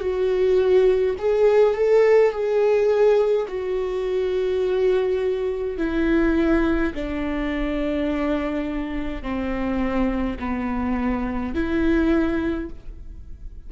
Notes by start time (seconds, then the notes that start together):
0.00 F#4
1.19 G#4
1.75 A4
2.31 G#4
3.48 F#4
5.78 E4
6.94 D4
9.23 C4
10.40 B3
11.54 E4